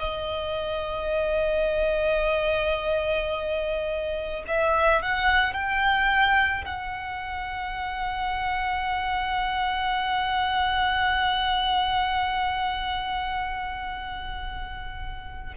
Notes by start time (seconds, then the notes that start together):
0.00 D#5
4.47 E5
5.03 F#5
5.54 G5
6.65 F#5